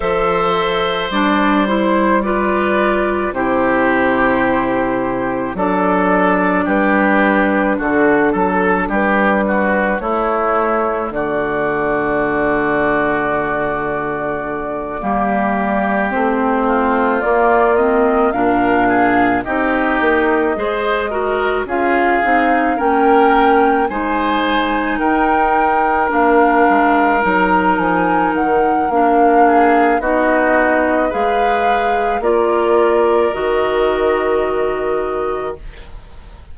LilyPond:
<<
  \new Staff \with { instrumentName = "flute" } { \time 4/4 \tempo 4 = 54 e''4 d''8 c''8 d''4 c''4~ | c''4 d''4 b'4 a'4 | b'4 cis''4 d''2~ | d''2~ d''8 c''4 d''8 |
dis''8 f''4 dis''2 f''8~ | f''8 g''4 gis''4 g''4 f''8~ | f''8 ais''8 gis''8 fis''8 f''4 dis''4 | f''4 d''4 dis''2 | }
  \new Staff \with { instrumentName = "oboe" } { \time 4/4 c''2 b'4 g'4~ | g'4 a'4 g'4 fis'8 a'8 | g'8 fis'8 e'4 fis'2~ | fis'4. g'4. f'4~ |
f'8 ais'8 gis'8 g'4 c''8 ais'8 gis'8~ | gis'8 ais'4 c''4 ais'4.~ | ais'2~ ais'8 gis'8 fis'4 | b'4 ais'2. | }
  \new Staff \with { instrumentName = "clarinet" } { \time 4/4 a'4 d'8 e'8 f'4 e'4~ | e'4 d'2.~ | d'4 a2.~ | a4. ais4 c'4 ais8 |
c'8 d'4 dis'4 gis'8 fis'8 f'8 | dis'8 cis'4 dis'2 d'8~ | d'8 dis'4. d'4 dis'4 | gis'4 f'4 fis'2 | }
  \new Staff \with { instrumentName = "bassoon" } { \time 4/4 f4 g2 c4~ | c4 fis4 g4 d8 fis8 | g4 a4 d2~ | d4. g4 a4 ais8~ |
ais8 ais,4 c'8 ais8 gis4 cis'8 | c'8 ais4 gis4 dis'4 ais8 | gis8 fis8 f8 dis8 ais4 b4 | gis4 ais4 dis2 | }
>>